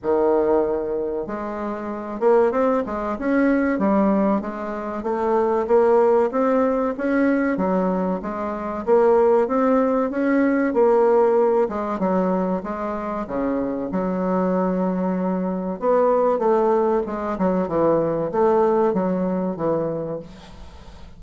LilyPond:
\new Staff \with { instrumentName = "bassoon" } { \time 4/4 \tempo 4 = 95 dis2 gis4. ais8 | c'8 gis8 cis'4 g4 gis4 | a4 ais4 c'4 cis'4 | fis4 gis4 ais4 c'4 |
cis'4 ais4. gis8 fis4 | gis4 cis4 fis2~ | fis4 b4 a4 gis8 fis8 | e4 a4 fis4 e4 | }